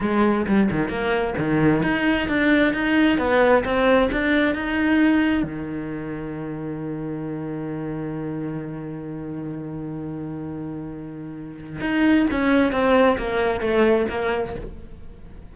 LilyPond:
\new Staff \with { instrumentName = "cello" } { \time 4/4 \tempo 4 = 132 gis4 g8 dis8 ais4 dis4 | dis'4 d'4 dis'4 b4 | c'4 d'4 dis'2 | dis1~ |
dis1~ | dis1~ | dis2 dis'4 cis'4 | c'4 ais4 a4 ais4 | }